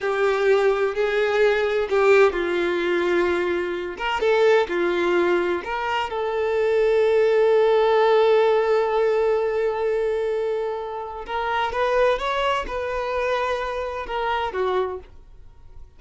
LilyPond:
\new Staff \with { instrumentName = "violin" } { \time 4/4 \tempo 4 = 128 g'2 gis'2 | g'4 f'2.~ | f'8 ais'8 a'4 f'2 | ais'4 a'2.~ |
a'1~ | a'1 | ais'4 b'4 cis''4 b'4~ | b'2 ais'4 fis'4 | }